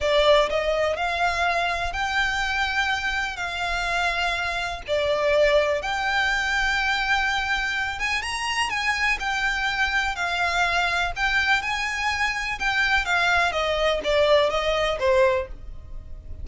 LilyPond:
\new Staff \with { instrumentName = "violin" } { \time 4/4 \tempo 4 = 124 d''4 dis''4 f''2 | g''2. f''4~ | f''2 d''2 | g''1~ |
g''8 gis''8 ais''4 gis''4 g''4~ | g''4 f''2 g''4 | gis''2 g''4 f''4 | dis''4 d''4 dis''4 c''4 | }